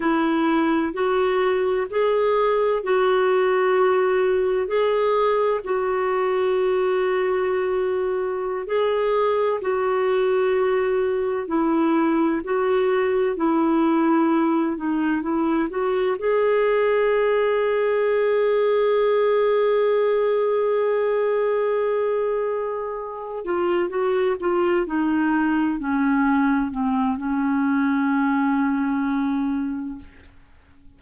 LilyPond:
\new Staff \with { instrumentName = "clarinet" } { \time 4/4 \tempo 4 = 64 e'4 fis'4 gis'4 fis'4~ | fis'4 gis'4 fis'2~ | fis'4~ fis'16 gis'4 fis'4.~ fis'16~ | fis'16 e'4 fis'4 e'4. dis'16~ |
dis'16 e'8 fis'8 gis'2~ gis'8.~ | gis'1~ | gis'4 f'8 fis'8 f'8 dis'4 cis'8~ | cis'8 c'8 cis'2. | }